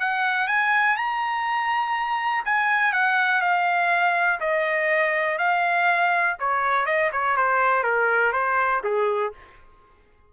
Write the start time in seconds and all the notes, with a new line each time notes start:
0.00 F#5
0.48 G#5
0.97 A#5
2.45 G#5
2.93 F#5
3.41 F5
4.40 D#5
5.38 F5
6.39 C#5
6.86 D#5
7.12 C#5
7.37 C5
7.84 A#4
8.33 C5
8.84 G#4